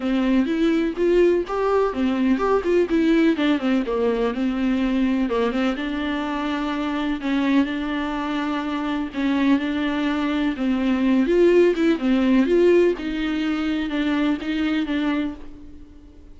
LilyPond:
\new Staff \with { instrumentName = "viola" } { \time 4/4 \tempo 4 = 125 c'4 e'4 f'4 g'4 | c'4 g'8 f'8 e'4 d'8 c'8 | ais4 c'2 ais8 c'8 | d'2. cis'4 |
d'2. cis'4 | d'2 c'4. f'8~ | f'8 e'8 c'4 f'4 dis'4~ | dis'4 d'4 dis'4 d'4 | }